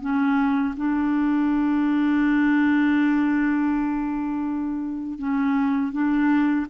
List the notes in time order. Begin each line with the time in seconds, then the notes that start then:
0.00 C#4
0.76 D4
5.18 C#4
5.92 D4